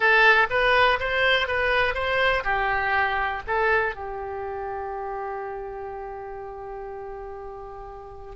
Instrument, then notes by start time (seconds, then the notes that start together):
oboe
0.00 A4
0.49 B4
0.99 C5
1.47 B4
1.94 C5
2.43 G4
3.47 A4
3.95 G4